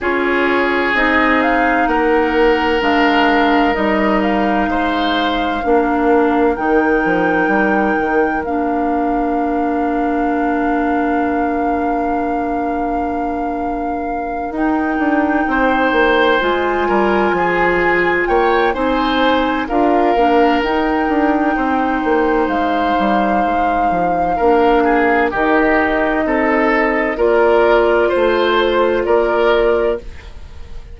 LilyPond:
<<
  \new Staff \with { instrumentName = "flute" } { \time 4/4 \tempo 4 = 64 cis''4 dis''8 f''8 fis''4 f''4 | dis''8 f''2~ f''8 g''4~ | g''4 f''2.~ | f''2.~ f''8 g''8~ |
g''4. gis''2 g''8 | gis''4 f''4 g''2 | f''2. dis''4~ | dis''4 d''4 c''4 d''4 | }
  \new Staff \with { instrumentName = "oboe" } { \time 4/4 gis'2 ais'2~ | ais'4 c''4 ais'2~ | ais'1~ | ais'1~ |
ais'8 c''4. ais'8 gis'4 cis''8 | c''4 ais'2 c''4~ | c''2 ais'8 gis'8 g'4 | a'4 ais'4 c''4 ais'4 | }
  \new Staff \with { instrumentName = "clarinet" } { \time 4/4 f'4 dis'2 d'4 | dis'2 d'4 dis'4~ | dis'4 d'2.~ | d'2.~ d'8 dis'8~ |
dis'4. f'2~ f'8 | dis'4 f'8 d'8 dis'2~ | dis'2 d'4 dis'4~ | dis'4 f'2. | }
  \new Staff \with { instrumentName = "bassoon" } { \time 4/4 cis'4 c'4 ais4 gis4 | g4 gis4 ais4 dis8 f8 | g8 dis8 ais2.~ | ais2.~ ais8 dis'8 |
d'8 c'8 ais8 gis8 g8 f4 ais8 | c'4 d'8 ais8 dis'8 d'8 c'8 ais8 | gis8 g8 gis8 f8 ais4 dis4 | c'4 ais4 a4 ais4 | }
>>